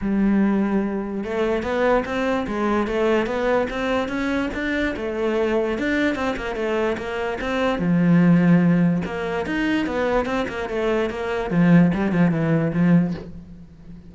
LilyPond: \new Staff \with { instrumentName = "cello" } { \time 4/4 \tempo 4 = 146 g2. a4 | b4 c'4 gis4 a4 | b4 c'4 cis'4 d'4 | a2 d'4 c'8 ais8 |
a4 ais4 c'4 f4~ | f2 ais4 dis'4 | b4 c'8 ais8 a4 ais4 | f4 g8 f8 e4 f4 | }